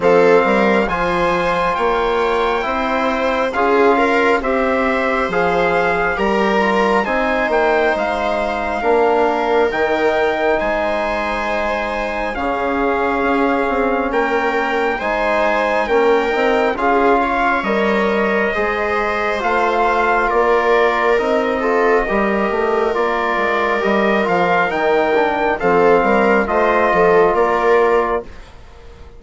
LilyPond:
<<
  \new Staff \with { instrumentName = "trumpet" } { \time 4/4 \tempo 4 = 68 f''4 gis''4 g''2 | f''4 e''4 f''4 ais''4 | gis''8 g''8 f''2 g''4 | gis''2 f''2 |
g''4 gis''4 g''4 f''4 | dis''2 f''4 d''4 | dis''2 d''4 dis''8 f''8 | g''4 f''4 dis''4 d''4 | }
  \new Staff \with { instrumentName = "viola" } { \time 4/4 a'8 ais'8 c''4 cis''4 c''4 | gis'8 ais'8 c''2 ais'4 | c''2 ais'2 | c''2 gis'2 |
ais'4 c''4 ais'4 gis'8 cis''8~ | cis''4 c''2 ais'4~ | ais'8 a'8 ais'2.~ | ais'4 a'8 ais'8 c''8 a'8 ais'4 | }
  \new Staff \with { instrumentName = "trombone" } { \time 4/4 c'4 f'2 e'4 | f'4 g'4 gis'4 g'8 f'8 | dis'2 d'4 dis'4~ | dis'2 cis'2~ |
cis'4 dis'4 cis'8 dis'8 f'4 | ais'4 gis'4 f'2 | dis'8 f'8 g'4 f'4 g'8 f'8 | dis'8 d'8 c'4 f'2 | }
  \new Staff \with { instrumentName = "bassoon" } { \time 4/4 f8 g8 f4 ais4 c'4 | cis'4 c'4 f4 g4 | c'8 ais8 gis4 ais4 dis4 | gis2 cis4 cis'8 c'8 |
ais4 gis4 ais8 c'8 cis'4 | g4 gis4 a4 ais4 | c'4 g8 a8 ais8 gis8 g8 f8 | dis4 f8 g8 a8 f8 ais4 | }
>>